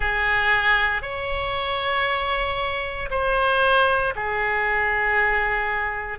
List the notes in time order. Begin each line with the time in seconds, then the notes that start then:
0.00 G#4
1.02 C#5
3.10 C5
4.15 G#4